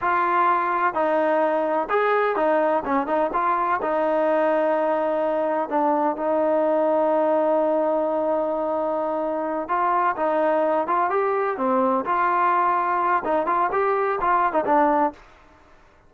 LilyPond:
\new Staff \with { instrumentName = "trombone" } { \time 4/4 \tempo 4 = 127 f'2 dis'2 | gis'4 dis'4 cis'8 dis'8 f'4 | dis'1 | d'4 dis'2.~ |
dis'1~ | dis'8 f'4 dis'4. f'8 g'8~ | g'8 c'4 f'2~ f'8 | dis'8 f'8 g'4 f'8. dis'16 d'4 | }